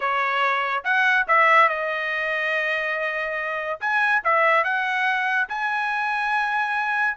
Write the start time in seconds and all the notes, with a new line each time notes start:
0.00 C#5
0.83 F#5
1.27 E5
1.68 D#5
3.80 G#5
4.23 E5
4.64 F#5
5.48 G#5